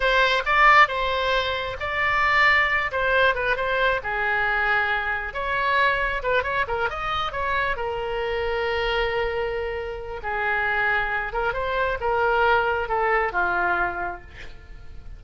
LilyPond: \new Staff \with { instrumentName = "oboe" } { \time 4/4 \tempo 4 = 135 c''4 d''4 c''2 | d''2~ d''8 c''4 b'8 | c''4 gis'2. | cis''2 b'8 cis''8 ais'8 dis''8~ |
dis''8 cis''4 ais'2~ ais'8~ | ais'2. gis'4~ | gis'4. ais'8 c''4 ais'4~ | ais'4 a'4 f'2 | }